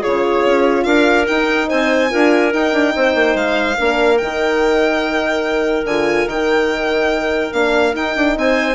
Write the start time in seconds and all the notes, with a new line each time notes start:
0.00 F4 G#4 C#5
0.06 C#3
0.45 C#4
0.84 D4 A#4 F5
1.27 D#4 G5
1.68 C4 C5 G#5
2.09 D4 F4 A#4
2.51 D#4 G5
2.73 D4
2.96 C4 C5
3.15 A#3
3.35 G#3 F5
3.77 A#3 D4 A#4
4.17 D#3 D#4 G5
5.84 D3 F4 G#5
6.26 D#3 G5
6.33 D#4
7.53 A#3 D4 F5
7.93 D#4 G5
8.16 D4
8.37 C4 C5 G#5